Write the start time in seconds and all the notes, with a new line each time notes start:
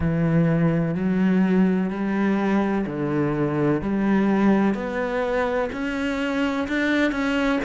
0.00 E3
0.94 F#3
1.90 G3
2.86 D3
3.81 G3
4.74 B3
5.72 C#4
6.68 D4
7.11 C#4